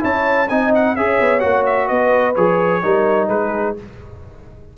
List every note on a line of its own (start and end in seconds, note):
0.00 0.50 C#4
0.00 0.47 E4
0.00 0.48 C#5
0.00 0.49 A5
0.48 0.96 C4
0.48 0.97 D#4
0.48 0.95 D#5
0.48 0.72 G#5
0.75 0.96 F#5
0.96 1.20 C#4
0.96 1.40 G#4
0.96 1.88 C#5
0.96 1.40 E5
1.20 1.44 B3
1.40 1.90 A#3
1.40 2.34 F#4
1.40 1.63 F#5
1.66 1.88 E5
1.88 2.37 B3
1.88 2.82 B4
1.88 2.35 D#5
2.35 2.83 F3
2.35 2.83 G#4
2.35 3.29 C#5
2.83 3.29 G3
2.83 3.76 D#4
2.83 3.30 A#4
3.29 3.76 G#3
3.29 3.77 G#4
3.29 3.75 B4